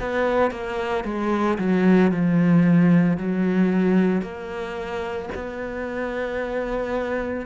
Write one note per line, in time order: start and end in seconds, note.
0.00 0.51 B3
0.51 1.05 A#3
1.05 1.58 G#3
1.58 2.12 F#3
2.12 3.18 F3
3.18 4.22 F#3
4.22 5.29 A#3
5.35 7.46 B3